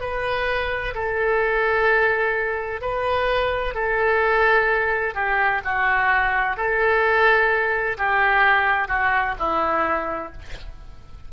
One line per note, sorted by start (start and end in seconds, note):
0.00 0.94 B4
0.94 2.81 A4
2.81 3.74 B4
3.74 5.14 A4
5.14 5.61 G4
5.64 6.56 F#4
6.56 7.97 A4
7.97 8.88 G4
8.88 9.35 F#4
9.38 10.32 E4